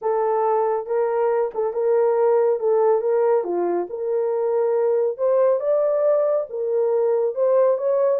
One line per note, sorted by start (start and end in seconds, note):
0.01 0.86 A4
0.86 1.51 A#4
1.54 1.73 A4
1.73 2.59 A#4
2.59 3.01 A4
3.01 3.44 A#4
3.44 3.87 F4
3.89 5.17 A#4
5.17 5.60 C5
5.60 6.46 D5
6.49 7.34 A#4
7.34 7.77 C5
7.77 8.19 C#5